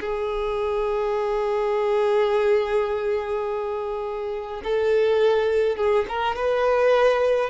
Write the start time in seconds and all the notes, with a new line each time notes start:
0.00 G#4
4.63 A4
5.76 G#4
6.08 A#4
6.35 B4